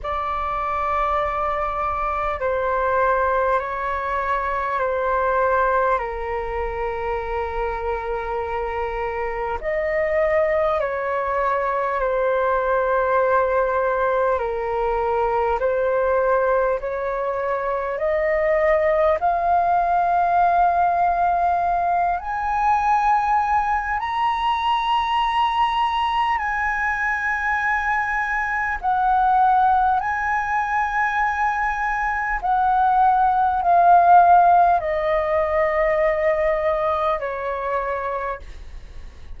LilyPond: \new Staff \with { instrumentName = "flute" } { \time 4/4 \tempo 4 = 50 d''2 c''4 cis''4 | c''4 ais'2. | dis''4 cis''4 c''2 | ais'4 c''4 cis''4 dis''4 |
f''2~ f''8 gis''4. | ais''2 gis''2 | fis''4 gis''2 fis''4 | f''4 dis''2 cis''4 | }